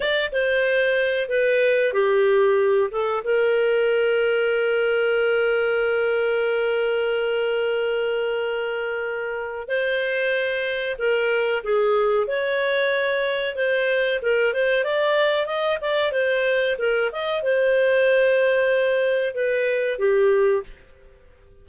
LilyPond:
\new Staff \with { instrumentName = "clarinet" } { \time 4/4 \tempo 4 = 93 d''8 c''4. b'4 g'4~ | g'8 a'8 ais'2.~ | ais'1~ | ais'2. c''4~ |
c''4 ais'4 gis'4 cis''4~ | cis''4 c''4 ais'8 c''8 d''4 | dis''8 d''8 c''4 ais'8 dis''8 c''4~ | c''2 b'4 g'4 | }